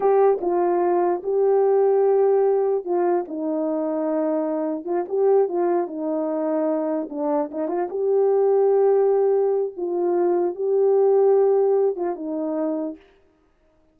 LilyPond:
\new Staff \with { instrumentName = "horn" } { \time 4/4 \tempo 4 = 148 g'4 f'2 g'4~ | g'2. f'4 | dis'1 | f'8 g'4 f'4 dis'4.~ |
dis'4. d'4 dis'8 f'8 g'8~ | g'1 | f'2 g'2~ | g'4. f'8 dis'2 | }